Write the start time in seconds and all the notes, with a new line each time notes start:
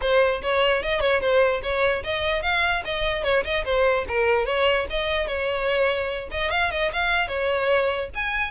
0.01 C5
0.42 C#5
0.82 D#5
1.00 C#5
1.21 C5
1.62 C#5
2.03 D#5
2.42 F5
2.85 D#5
3.23 C#5
3.44 D#5
3.64 C5
4.08 A#4
4.45 C#5
4.89 D#5
5.27 C#5
6.31 D#5
6.51 F5
6.71 D#5
6.93 F5
7.28 C#5
8.14 G#5